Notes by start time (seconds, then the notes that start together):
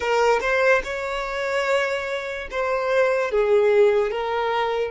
0.00 A#4
0.40 C5
0.84 C#5
2.51 C5
3.31 G#4
4.11 A#4